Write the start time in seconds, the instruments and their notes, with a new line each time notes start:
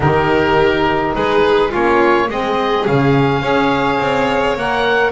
0.00 double bass D#3, saxophone D#4, violin G4, oboe A#4
1.15 double bass G#3, violin G#4, oboe B4
1.69 double bass A#3, saxophone C#4, violin F4, oboe C#5
2.28 double bass G#3, saxophone C4, violin G#4, oboe D#5
2.86 double bass C#3, saxophone C#4, oboe F5
3.41 double bass C#4, saxophone G#4, violin C#5
3.99 double bass C4
4.56 double bass A#3, saxophone A#4, oboe F#5